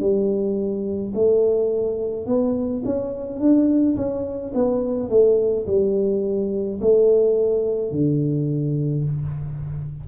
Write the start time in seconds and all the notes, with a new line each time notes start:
0.00 G3
1.15 A3
2.26 B3
2.85 C#4
3.40 D4
3.96 C#4
4.54 B3
5.10 A3
5.67 G3
6.81 A3
7.91 D3